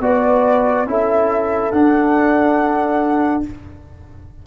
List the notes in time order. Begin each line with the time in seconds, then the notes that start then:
0.00 B3 F#4 B4 D5
0.86 C#4 E4 A4 E5
1.71 D4 F#5